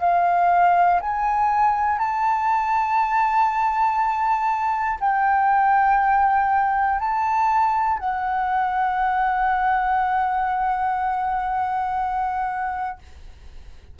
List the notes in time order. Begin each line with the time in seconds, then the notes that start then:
0.00 F5
1.00 G#5
1.98 A5
5.00 G5
6.99 A5
7.99 F#5